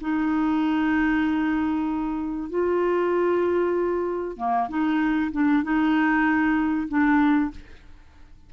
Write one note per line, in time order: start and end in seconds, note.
0.00 2.49 D#4
2.49 4.37 F4
4.37 4.68 A#3
4.68 5.31 D#4
5.32 5.63 D4
5.63 6.88 D#4
6.88 7.50 D4